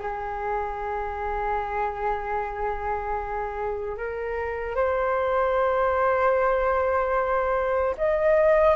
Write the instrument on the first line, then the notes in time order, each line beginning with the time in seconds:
flute
0.00 G#4
3.97 A#4
4.76 C5
7.98 D#5